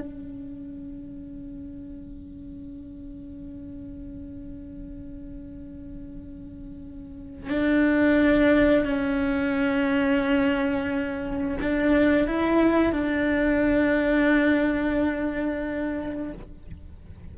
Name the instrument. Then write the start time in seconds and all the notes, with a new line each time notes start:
cello
0.00 C#4
7.50 D4
8.85 C#4
11.61 D4
12.27 E4
12.93 D4